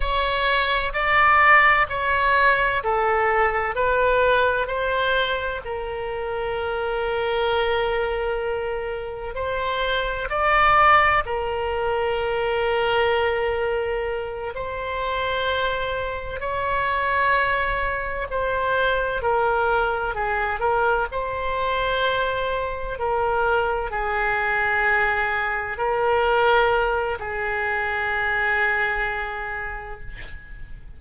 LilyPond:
\new Staff \with { instrumentName = "oboe" } { \time 4/4 \tempo 4 = 64 cis''4 d''4 cis''4 a'4 | b'4 c''4 ais'2~ | ais'2 c''4 d''4 | ais'2.~ ais'8 c''8~ |
c''4. cis''2 c''8~ | c''8 ais'4 gis'8 ais'8 c''4.~ | c''8 ais'4 gis'2 ais'8~ | ais'4 gis'2. | }